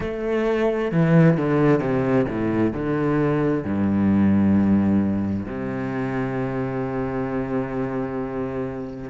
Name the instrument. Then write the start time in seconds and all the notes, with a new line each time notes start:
cello
0.00 A3
0.91 E3
1.37 D3
1.80 C3
2.28 A2
2.73 D3
3.64 G2
5.45 C3